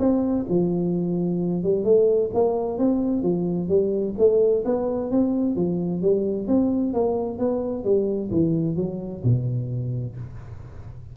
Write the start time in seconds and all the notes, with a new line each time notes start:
0.00 C4
0.50 F3
1.64 G3
1.85 A3
2.34 A#3
2.79 C4
3.23 F3
3.69 G3
4.19 A3
4.66 B3
5.12 C4
5.56 F3
6.02 G3
6.48 C4
6.94 A#3
7.39 B3
7.85 G3
8.31 E3
8.77 F#3
9.24 B2